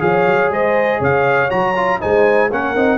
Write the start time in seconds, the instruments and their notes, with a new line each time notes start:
0.00 tuba F3, trombone G#4, horn C#5, trumpet F5
0.26 tuba F#3
0.50 tuba G#3, horn C5, trumpet D#5
0.99 tuba C#3, horn C#5, trumpet F5
1.50 tuba F#3, trombone F#4, trumpet A#5
1.76 trombone F4
2.00 tuba G#3, trombone D#4, horn C5, trumpet G#5
2.52 tuba A#3, trombone C#4, horn A#4, trumpet F#5
2.76 tuba C4, trombone D#4